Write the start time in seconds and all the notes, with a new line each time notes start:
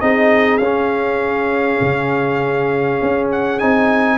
0.00 C4 D#4 G#4 D#5
0.57 C#4 F5
1.80 C#3
3.01 C#4
3.31 F#5
3.58 C4 D#4 G#5